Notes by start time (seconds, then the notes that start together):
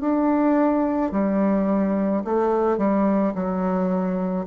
0.00 D4
1.11 G3
2.24 A3
2.77 G3
3.34 F#3